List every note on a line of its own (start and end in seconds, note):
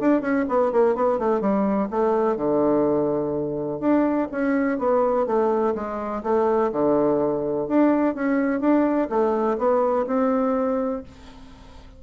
0.00 0.21 D4
0.21 0.45 C#4
0.48 0.72 B3
0.72 0.96 A#3
0.96 1.19 B3
1.19 1.41 A3
1.41 1.89 G3
1.90 2.37 A3
2.37 3.80 D3
3.80 4.28 D4
4.32 4.78 C#4
4.78 5.26 B3
5.26 5.74 A3
5.75 6.23 G#3
6.23 6.71 A3
6.72 7.68 D3
7.68 8.15 D4
8.15 8.61 C#4
8.61 9.09 D4
9.09 9.57 A3
9.58 10.06 B3
10.07 11.03 C4